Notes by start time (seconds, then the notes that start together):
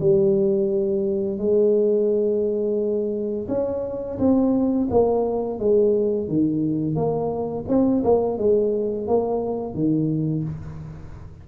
0.00 G3
1.38 G#3
3.48 C#4
4.18 C4
4.90 A#3
5.58 G#3
6.28 D#3
6.95 A#3
7.68 C4
8.03 A#3
8.38 G#3
9.07 A#3
9.74 D#3